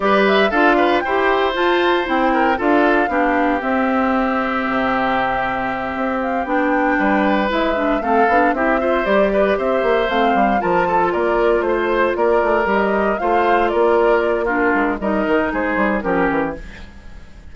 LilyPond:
<<
  \new Staff \with { instrumentName = "flute" } { \time 4/4 \tempo 4 = 116 d''8 e''8 f''4 g''4 a''4 | g''4 f''2 e''4~ | e''1 | f''8 g''2 e''4 f''8~ |
f''8 e''4 d''4 e''4 f''8~ | f''8 a''4 d''4 c''4 d''8~ | d''8 dis''4 f''4 d''4. | ais'4 dis''4 c''4 ais'4 | }
  \new Staff \with { instrumentName = "oboe" } { \time 4/4 b'4 a'8 b'8 c''2~ | c''8 ais'8 a'4 g'2~ | g'1~ | g'4. b'2 a'8~ |
a'8 g'8 c''4 b'8 c''4.~ | c''8 ais'8 a'8 ais'4 c''4 ais'8~ | ais'4. c''4 ais'4. | f'4 ais'4 gis'4 g'4 | }
  \new Staff \with { instrumentName = "clarinet" } { \time 4/4 g'4 f'4 g'4 f'4 | e'4 f'4 d'4 c'4~ | c'1~ | c'8 d'2 e'8 d'8 c'8 |
d'8 e'8 f'8 g'2 c'8~ | c'8 f'2.~ f'8~ | f'8 g'4 f'2~ f'8 | d'4 dis'2 cis'4 | }
  \new Staff \with { instrumentName = "bassoon" } { \time 4/4 g4 d'4 e'4 f'4 | c'4 d'4 b4 c'4~ | c'4 c2~ c8 c'8~ | c'8 b4 g4 gis4 a8 |
b8 c'4 g4 c'8 ais8 a8 | g8 f4 ais4 a4 ais8 | a8 g4 a4 ais4.~ | ais8 gis8 g8 dis8 gis8 g8 f8 e8 | }
>>